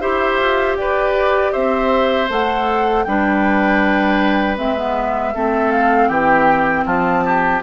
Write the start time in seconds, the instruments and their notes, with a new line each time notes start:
0.00 bassoon E4, clarinet G4, oboe C5, flute E5
0.41 bassoon F4
0.75 bassoon G4, oboe B4, flute D5
1.53 bassoon C4, oboe C5, flute E5
2.29 bassoon A3, clarinet A4, flute F#5
3.04 bassoon G3, clarinet D4, oboe B4, flute G5
4.57 bassoon G#3, clarinet C4, flute E5
4.76 clarinet B3
5.34 bassoon A3, clarinet C4, oboe A4
5.71 flute F5
6.08 bassoon E3, oboe G4, flute G5
6.86 bassoon F3, oboe F4, flute A5
7.25 oboe G4